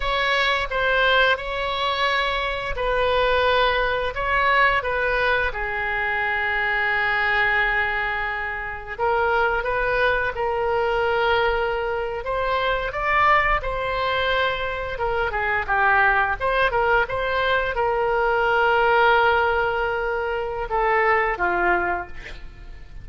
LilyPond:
\new Staff \with { instrumentName = "oboe" } { \time 4/4 \tempo 4 = 87 cis''4 c''4 cis''2 | b'2 cis''4 b'4 | gis'1~ | gis'4 ais'4 b'4 ais'4~ |
ais'4.~ ais'16 c''4 d''4 c''16~ | c''4.~ c''16 ais'8 gis'8 g'4 c''16~ | c''16 ais'8 c''4 ais'2~ ais'16~ | ais'2 a'4 f'4 | }